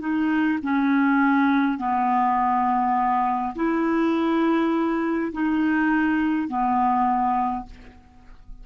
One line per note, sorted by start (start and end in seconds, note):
0.00 0.59 D#4
0.63 1.78 C#4
1.78 3.55 B3
3.56 5.32 E4
5.33 6.49 D#4
6.49 7.66 B3